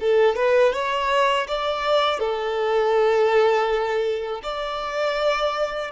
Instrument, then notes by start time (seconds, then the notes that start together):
violin
0.00 A4
0.36 B4
0.73 C#5
1.47 D5
2.19 A4
4.43 D5